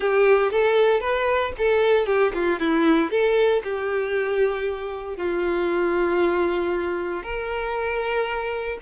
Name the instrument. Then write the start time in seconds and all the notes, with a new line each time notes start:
violin
0.00 G4
0.51 A4
1.00 B4
1.58 A4
2.05 G4
2.33 F4
2.59 E4
3.10 A4
3.63 G4
5.17 F4
7.23 A#4